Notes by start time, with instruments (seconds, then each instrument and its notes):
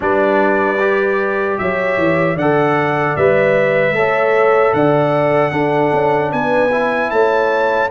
0.00 tuba G3, trombone D4, horn B4, trumpet D5
0.79 trombone G4
1.58 tuba F#3, horn C#5, trumpet E5
1.97 tuba E3
2.35 tuba D3, trombone A4, horn D5, trumpet F#5
3.16 tuba G3, trombone B4, trumpet E5
3.92 tuba A3, trombone A4, horn C#5
4.73 tuba D3, horn D5, trumpet F#5
5.51 tuba D4, trombone D4, horn A4
5.92 tuba C#4
6.32 tuba B3, horn B4, trumpet G#5
6.71 trombone E4
7.10 tuba A3, horn C#5, trumpet A5